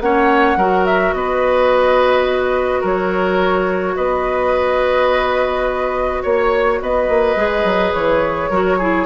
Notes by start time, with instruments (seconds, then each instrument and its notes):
0.00 bassoon A#3, clarinet C#4, oboe C#5, flute F#5
0.56 bassoon F#3, clarinet F#4, oboe A#4
0.85 flute E5
1.13 bassoon B3, oboe B4, flute D#5
2.81 bassoon F#3, oboe A#4, flute C#5
3.96 bassoon B3, oboe B4, flute D#5
6.22 bassoon A#3, oboe C#5, flute C#5
6.81 bassoon B3, oboe B4, flute D#5
7.08 bassoon A#3
7.36 bassoon G#3, clarinet G#4
7.64 bassoon F#3
7.94 bassoon E3, flute C#5
8.50 bassoon F#3, clarinet F#4, oboe A#4
8.78 clarinet E4, oboe G#4